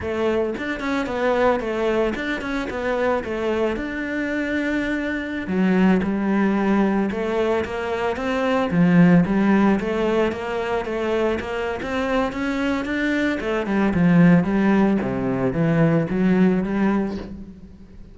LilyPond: \new Staff \with { instrumentName = "cello" } { \time 4/4 \tempo 4 = 112 a4 d'8 cis'8 b4 a4 | d'8 cis'8 b4 a4 d'4~ | d'2~ d'16 fis4 g8.~ | g4~ g16 a4 ais4 c'8.~ |
c'16 f4 g4 a4 ais8.~ | ais16 a4 ais8. c'4 cis'4 | d'4 a8 g8 f4 g4 | c4 e4 fis4 g4 | }